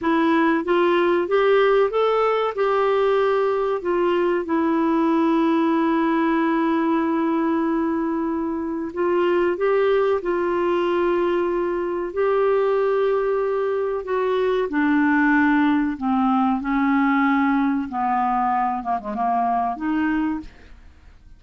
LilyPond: \new Staff \with { instrumentName = "clarinet" } { \time 4/4 \tempo 4 = 94 e'4 f'4 g'4 a'4 | g'2 f'4 e'4~ | e'1~ | e'2 f'4 g'4 |
f'2. g'4~ | g'2 fis'4 d'4~ | d'4 c'4 cis'2 | b4. ais16 gis16 ais4 dis'4 | }